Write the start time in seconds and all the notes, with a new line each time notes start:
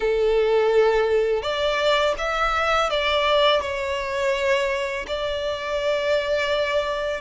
0.00 A4
1.42 D5
2.18 E5
2.89 D5
3.61 C#5
5.07 D5